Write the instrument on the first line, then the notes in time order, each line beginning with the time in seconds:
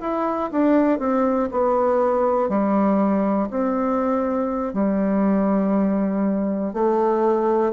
bassoon
0.00 E4
0.51 D4
0.99 C4
1.51 B3
2.49 G3
3.50 C4
4.73 G3
6.73 A3